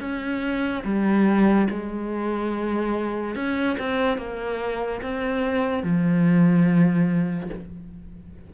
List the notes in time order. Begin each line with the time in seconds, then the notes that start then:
0.00 C#4
0.84 G3
1.70 G#3
3.35 C#4
3.78 C4
4.17 A#3
5.02 C4
5.83 F3